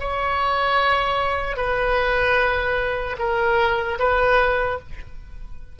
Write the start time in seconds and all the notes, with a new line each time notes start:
0.00 C#5
1.57 B4
3.19 A#4
3.99 B4